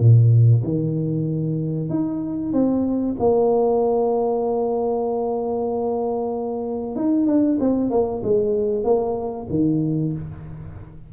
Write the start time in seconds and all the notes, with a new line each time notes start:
0.00 A#2
0.64 D#3
1.90 D#4
2.53 C4
3.20 A#3
6.96 D#4
7.27 D4
7.60 C4
7.91 A#3
8.24 G#3
8.84 A#3
9.50 D#3